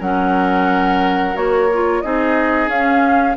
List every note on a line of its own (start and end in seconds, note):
0.00 1.36 F#3
0.00 1.35 C#4
0.00 2.02 A#4
0.00 1.36 F#5
1.35 2.03 A#3
1.35 1.69 F#4
1.35 2.01 C#5
1.74 2.03 F4
2.01 2.68 C4
2.01 2.71 D#4
2.01 3.37 G#4
2.01 2.69 D#5
2.68 3.36 C#4
2.68 3.37 C#4
2.68 3.37 F5